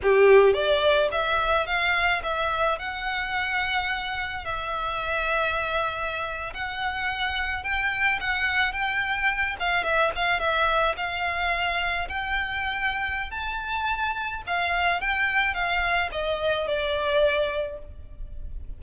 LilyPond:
\new Staff \with { instrumentName = "violin" } { \time 4/4 \tempo 4 = 108 g'4 d''4 e''4 f''4 | e''4 fis''2. | e''2.~ e''8. fis''16~ | fis''4.~ fis''16 g''4 fis''4 g''16~ |
g''4~ g''16 f''8 e''8 f''8 e''4 f''16~ | f''4.~ f''16 g''2~ g''16 | a''2 f''4 g''4 | f''4 dis''4 d''2 | }